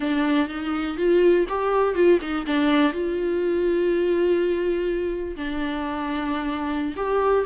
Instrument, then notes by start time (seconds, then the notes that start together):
viola
0.00 D4
0.48 D#4
0.97 F4
1.49 G4
1.94 F4
2.21 D#4
2.46 D4
2.92 F4
5.36 D4
6.96 G4